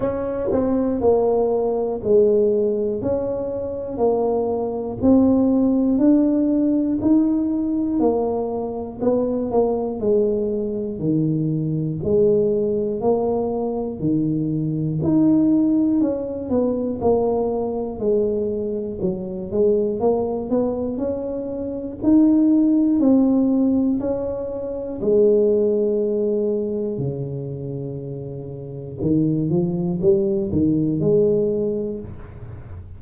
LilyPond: \new Staff \with { instrumentName = "tuba" } { \time 4/4 \tempo 4 = 60 cis'8 c'8 ais4 gis4 cis'4 | ais4 c'4 d'4 dis'4 | ais4 b8 ais8 gis4 dis4 | gis4 ais4 dis4 dis'4 |
cis'8 b8 ais4 gis4 fis8 gis8 | ais8 b8 cis'4 dis'4 c'4 | cis'4 gis2 cis4~ | cis4 dis8 f8 g8 dis8 gis4 | }